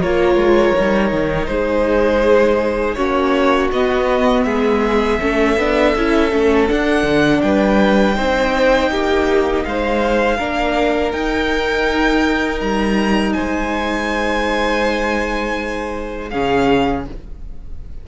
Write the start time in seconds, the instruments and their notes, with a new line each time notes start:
0.00 cello A#3, viola F4, violin A#4 C#5
0.35 cello G#3
0.77 cello G3, viola D#4
1.11 cello D#3
1.46 cello G#3, violin G#4 C5
2.94 cello A#3, viola C#4, violin F#4 C#5
3.71 cello B3, viola B3, violin D#5
4.43 cello G#3, violin G#4 E5
5.19 cello A3, viola C#4, violin A4
5.56 cello B3, viola D4
5.95 cello C#4, viola E4
6.31 cello A3, viola C#4
6.68 viola D4, cello D4, violin F#5
7.02 cello D3
7.41 cello G3, violin B4 G5
8.15 cello C4, viola D#4, violin C5
8.90 cello A#3, violin G4
9.64 cello G#3, violin C5 F5
10.37 cello A#3, viola D4, violin A#4
11.11 viola D#4, cello D#4, violin G5
12.60 cello G3, violin A#5
13.32 violin C5 G#5
13.39 cello G#3
16.30 cello C#3, viola C#4, violin G#4 F5